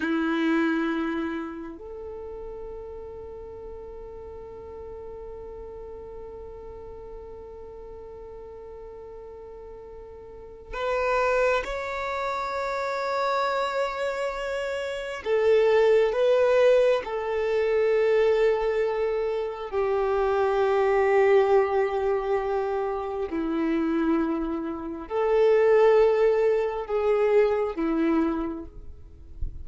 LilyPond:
\new Staff \with { instrumentName = "violin" } { \time 4/4 \tempo 4 = 67 e'2 a'2~ | a'1~ | a'1 | b'4 cis''2.~ |
cis''4 a'4 b'4 a'4~ | a'2 g'2~ | g'2 e'2 | a'2 gis'4 e'4 | }